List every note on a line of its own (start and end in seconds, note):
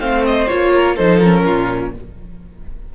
0.00 0.48 A3
0.00 0.49 C4
0.00 0.73 C5
0.00 0.24 F5
0.26 0.48 D#5
0.48 0.99 A#3
0.48 0.98 F4
0.48 0.96 C#5
0.75 0.96 A#4
0.96 1.47 F3
0.96 1.22 D#4
0.96 1.44 A4
0.96 1.20 C5
1.20 1.95 C#4
1.20 1.92 A#4
1.46 1.96 A#2
1.46 1.94 F4